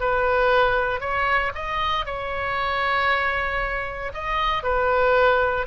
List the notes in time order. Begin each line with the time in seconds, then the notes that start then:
0.00 B4
1.00 C#5
1.55 D#5
2.05 C#5
4.14 D#5
4.63 B4